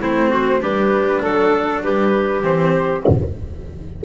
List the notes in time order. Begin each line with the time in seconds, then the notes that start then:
0.00 A3 C4 E4 C5
0.30 F#4
0.60 G3 D4 G4 B4
1.22 F#3 A4
1.83 G3 G4 B4
2.43 E3 C4 C5